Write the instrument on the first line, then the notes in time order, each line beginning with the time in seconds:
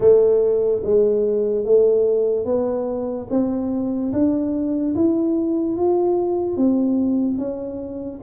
tuba
0.00 A3
0.83 G#3
1.64 A3
2.45 B3
3.30 C4
4.12 D4
4.95 E4
5.76 F4
6.56 C4
7.37 C#4